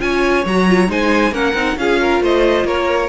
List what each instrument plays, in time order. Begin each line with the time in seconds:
0.00 cello C#4, viola F4, violin C#5 G#5
0.45 cello F#3, viola F#4, violin A#5
0.69 viola F4
0.88 cello G#3, viola D#4, violin C5 G#5
1.32 cello A#3, viola C#4, violin A#4 F#5
1.54 cello C4, viola D#4
1.77 cello C#4, viola F4, violin G#4 F5
2.01 violin A#4
2.21 cello A3, violin C5 D#5
2.65 cello A#3, violin A#4 C#5